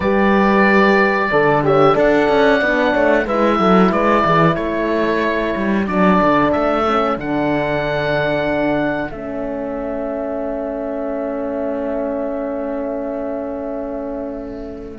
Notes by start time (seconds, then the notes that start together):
0.00 G3 G4 B4 D5
1.29 D3 A4 D5
1.64 G4 C#5 E5
1.93 D4 A4 D5 F#5
2.29 C#4
2.61 B3 D4
2.91 A3 C#5
3.25 G#3 E4 B4 E5
3.58 F#3 A4
3.91 G#3 B4 D5
4.24 E3 G#4
4.54 A3 A4 C#5
5.55 G3
5.86 F#3 D4 D5
6.21 D3
6.52 A3 E5
6.87 C#4
7.17 D3 D4 F#5
9.10 A3 C#4 E5